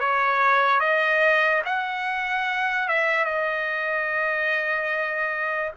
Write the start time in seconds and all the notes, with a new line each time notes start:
0.00 C#5
0.80 D#5
1.65 F#5
2.88 E5
3.25 D#5